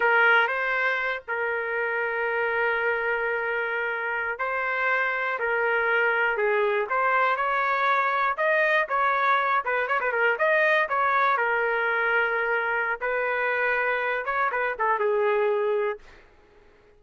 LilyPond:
\new Staff \with { instrumentName = "trumpet" } { \time 4/4 \tempo 4 = 120 ais'4 c''4. ais'4.~ | ais'1~ | ais'8. c''2 ais'4~ ais'16~ | ais'8. gis'4 c''4 cis''4~ cis''16~ |
cis''8. dis''4 cis''4. b'8 cis''16 | b'16 ais'8 dis''4 cis''4 ais'4~ ais'16~ | ais'2 b'2~ | b'8 cis''8 b'8 a'8 gis'2 | }